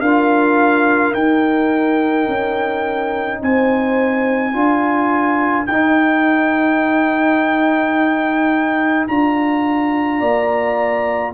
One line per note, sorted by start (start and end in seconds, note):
0.00 1.13 D4
0.00 1.15 F4
0.00 3.41 A#4
0.00 1.13 F5
1.14 2.27 D#4
1.14 4.53 D#4
1.14 3.41 G5
2.28 3.41 C#4
3.42 4.54 C4
3.42 4.54 C5
3.42 5.67 G#5
4.53 5.67 D4
4.53 5.66 F4
4.53 10.19 A#4
5.67 9.07 D#4
5.67 9.08 D#4
5.67 9.06 G5
9.07 10.21 D4
9.07 11.34 F4
9.07 11.34 A#5
10.19 11.34 A#3
10.19 11.32 D5